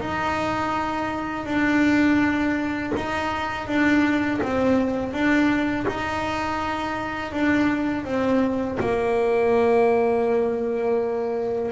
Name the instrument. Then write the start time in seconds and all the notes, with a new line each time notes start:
double bass
0.00 D#4
1.46 D4
2.96 D#4
3.67 D4
4.42 C4
5.13 D4
5.87 D#4
7.32 D4
8.05 C4
8.79 A#3